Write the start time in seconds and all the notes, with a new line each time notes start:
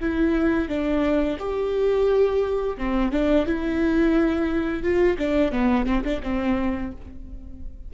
0.00 E4
0.68 D4
1.39 G4
2.77 C4
3.11 D4
3.46 E4
4.82 F4
5.18 D4
5.52 B3
5.86 C4
6.04 D4
6.22 C4